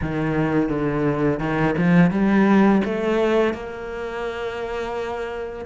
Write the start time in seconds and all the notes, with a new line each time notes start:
0.01 D#3
0.69 D3
1.39 D#3
1.77 F3
2.10 G3
2.84 A3
3.53 A#3